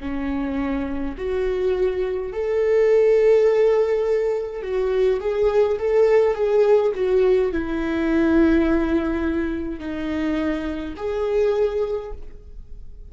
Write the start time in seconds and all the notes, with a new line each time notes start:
0.00 C#4
1.17 F#4
2.32 A4
4.62 F#4
5.20 G#4
5.78 A4
6.35 G#4
6.94 F#4
7.52 E4
9.79 D#4
10.96 G#4